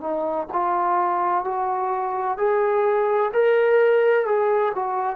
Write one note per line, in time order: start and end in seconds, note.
0.00 0.47 D#4
0.52 1.44 F4
1.44 2.37 F#4
2.37 3.31 G#4
3.33 4.25 A#4
4.25 4.72 G#4
4.74 5.16 F#4